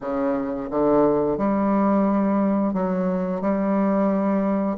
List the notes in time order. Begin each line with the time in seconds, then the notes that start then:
0.01 C#3
0.70 D3
1.37 G3
2.73 F#3
3.41 G3